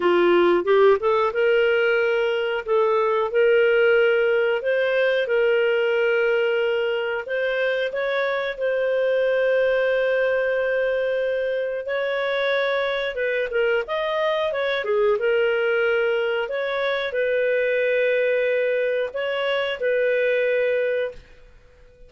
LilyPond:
\new Staff \with { instrumentName = "clarinet" } { \time 4/4 \tempo 4 = 91 f'4 g'8 a'8 ais'2 | a'4 ais'2 c''4 | ais'2. c''4 | cis''4 c''2.~ |
c''2 cis''2 | b'8 ais'8 dis''4 cis''8 gis'8 ais'4~ | ais'4 cis''4 b'2~ | b'4 cis''4 b'2 | }